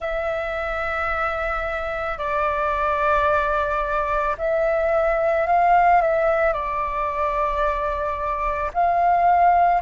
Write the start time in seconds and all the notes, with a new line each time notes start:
0.00 E5
2.18 D5
4.37 E5
5.46 F5
6.01 E5
6.53 D5
8.73 F5